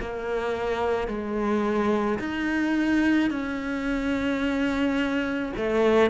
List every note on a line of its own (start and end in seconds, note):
0.00 1.08 A#3
1.08 2.19 G#3
2.19 3.30 D#4
3.30 5.53 C#4
5.57 6.10 A3